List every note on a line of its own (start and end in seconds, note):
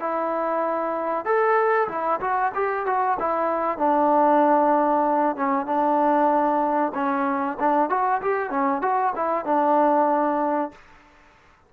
0.00 1.25 E4
1.25 1.88 A4
1.89 2.20 E4
2.20 2.52 F#4
2.54 2.86 G4
2.86 3.18 F#4
3.20 3.78 E4
3.78 5.36 D4
5.36 5.66 C#4
5.66 6.92 D4
6.94 7.58 C#4
7.59 7.89 D4
7.89 8.21 F#4
8.21 8.50 G4
8.50 8.82 C#4
8.82 9.13 F#4
9.16 9.45 E4
9.45 10.71 D4